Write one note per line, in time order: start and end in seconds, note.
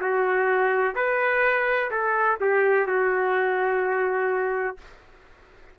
0.00 0.95 F#4
0.95 1.90 B4
1.90 2.38 A4
2.40 2.87 G4
2.87 4.77 F#4